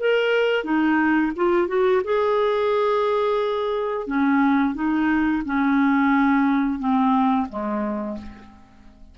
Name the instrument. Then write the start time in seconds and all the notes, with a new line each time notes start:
clarinet
0.00 A#4
0.64 D#4
1.37 F4
1.68 F#4
2.04 G#4
4.08 C#4
4.75 D#4
5.46 C#4
6.79 C4
7.50 G#3